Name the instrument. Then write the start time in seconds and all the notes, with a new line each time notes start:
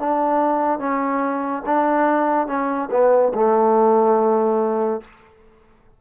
trombone
0.00 D4
0.80 C#4
1.66 D4
2.48 C#4
2.91 B3
3.35 A3